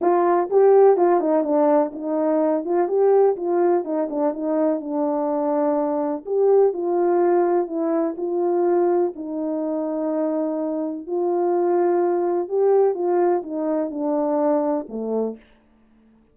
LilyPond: \new Staff \with { instrumentName = "horn" } { \time 4/4 \tempo 4 = 125 f'4 g'4 f'8 dis'8 d'4 | dis'4. f'8 g'4 f'4 | dis'8 d'8 dis'4 d'2~ | d'4 g'4 f'2 |
e'4 f'2 dis'4~ | dis'2. f'4~ | f'2 g'4 f'4 | dis'4 d'2 a4 | }